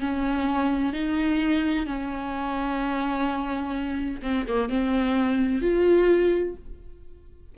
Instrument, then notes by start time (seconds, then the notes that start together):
viola
0.00 C#4
0.92 D#4
1.86 C#4
4.22 C4
4.47 A#3
4.68 C4
5.61 F4